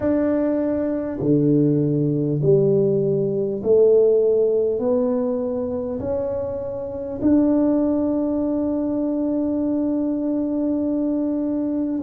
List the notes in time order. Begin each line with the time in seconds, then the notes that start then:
0.00 D4
1.20 D3
2.42 G3
3.63 A3
4.79 B3
5.99 C#4
7.21 D4